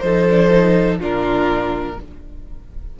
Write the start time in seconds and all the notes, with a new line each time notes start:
0.00 F3 D#4 A4 C5
0.30 D4
0.50 D#4
1.00 A#2 D4 F4 A#4